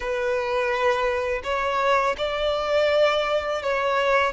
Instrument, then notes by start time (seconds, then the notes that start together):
violin
0.00 B4
1.43 C#5
2.17 D5
3.62 C#5